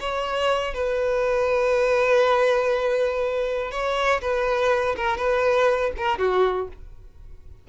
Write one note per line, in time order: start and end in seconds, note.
0.00 0.74 C#5
0.74 3.71 B4
3.71 4.21 C#5
4.21 4.96 B4
4.97 5.17 A#4
5.17 5.92 B4
5.97 6.18 A#4
6.18 6.68 F#4